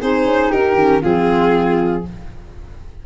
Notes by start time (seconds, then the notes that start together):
0.00 C4 D#4 G#4 C5
0.25 C#4
0.50 D#4 G4 A#4
0.74 D#3 C#4
1.01 F3 C4 F4 G#4